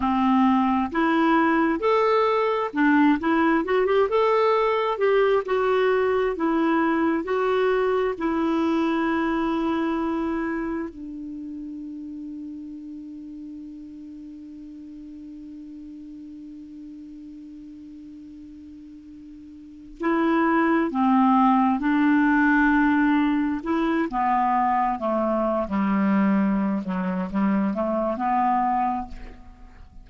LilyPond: \new Staff \with { instrumentName = "clarinet" } { \time 4/4 \tempo 4 = 66 c'4 e'4 a'4 d'8 e'8 | fis'16 g'16 a'4 g'8 fis'4 e'4 | fis'4 e'2. | d'1~ |
d'1~ | d'2 e'4 c'4 | d'2 e'8 b4 a8~ | a16 g4~ g16 fis8 g8 a8 b4 | }